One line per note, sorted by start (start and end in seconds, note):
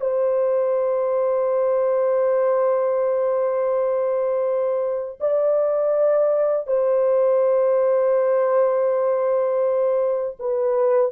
0.00 5.19 C5
5.20 6.66 D5
6.66 10.37 C5
10.39 11.11 B4